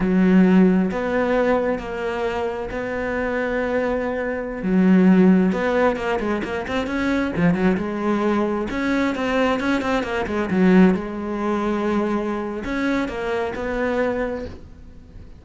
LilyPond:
\new Staff \with { instrumentName = "cello" } { \time 4/4 \tempo 4 = 133 fis2 b2 | ais2 b2~ | b2~ b16 fis4.~ fis16~ | fis16 b4 ais8 gis8 ais8 c'8 cis'8.~ |
cis'16 f8 fis8 gis2 cis'8.~ | cis'16 c'4 cis'8 c'8 ais8 gis8 fis8.~ | fis16 gis2.~ gis8. | cis'4 ais4 b2 | }